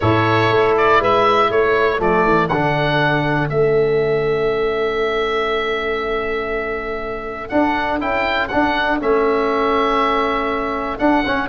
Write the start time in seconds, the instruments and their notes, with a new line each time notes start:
0.00 tuba A2, trombone E4, saxophone A4, oboe C#5
0.50 tuba A3
0.77 oboe D5
1.00 tuba G#3, saxophone B4, oboe E5
1.48 tuba A3, saxophone A4, oboe C#5
1.98 tuba F3, trombone A3, oboe D5
2.24 tuba E3
2.48 tuba D3, trombone D4, oboe F#5
3.49 tuba A3, trombone C#4, oboe E5
7.48 trombone D4, tuba D4, oboe F#5
8.00 tuba C#4, trombone E4, oboe G5
8.48 trombone D4, tuba D4, oboe F#5
9.00 tuba A3, trombone C#4, oboe E5
10.98 trombone D4, tuba D4, oboe F#5
11.26 tuba C#4, trombone C#4